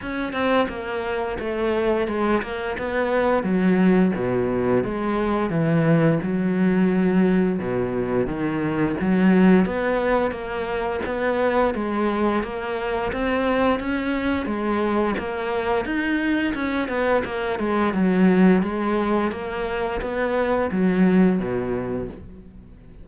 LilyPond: \new Staff \with { instrumentName = "cello" } { \time 4/4 \tempo 4 = 87 cis'8 c'8 ais4 a4 gis8 ais8 | b4 fis4 b,4 gis4 | e4 fis2 b,4 | dis4 fis4 b4 ais4 |
b4 gis4 ais4 c'4 | cis'4 gis4 ais4 dis'4 | cis'8 b8 ais8 gis8 fis4 gis4 | ais4 b4 fis4 b,4 | }